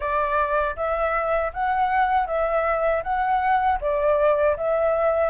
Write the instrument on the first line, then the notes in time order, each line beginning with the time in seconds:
flute
0.00 D5
0.76 E5
1.53 F#5
2.26 E5
3.03 F#5
3.80 D5
4.56 E5